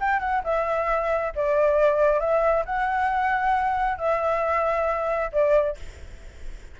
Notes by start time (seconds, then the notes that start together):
0.00 G5
0.20 F#5
0.43 E5
1.35 D5
2.20 E5
2.65 F#5
3.98 E5
5.32 D5